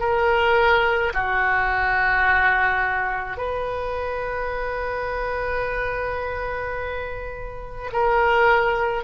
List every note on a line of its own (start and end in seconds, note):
0.00 1.13 A#4
1.14 3.38 F#4
3.38 7.90 B4
7.93 9.04 A#4